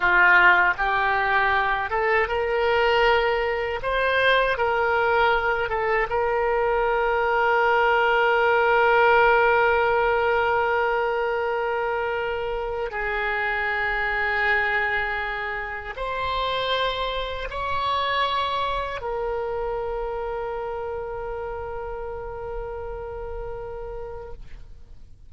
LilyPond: \new Staff \with { instrumentName = "oboe" } { \time 4/4 \tempo 4 = 79 f'4 g'4. a'8 ais'4~ | ais'4 c''4 ais'4. a'8 | ais'1~ | ais'1~ |
ais'4 gis'2.~ | gis'4 c''2 cis''4~ | cis''4 ais'2.~ | ais'1 | }